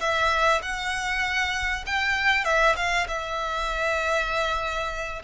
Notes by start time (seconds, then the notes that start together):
0.00 E5
0.62 F#5
1.86 G5
2.45 E5
2.76 F5
3.08 E5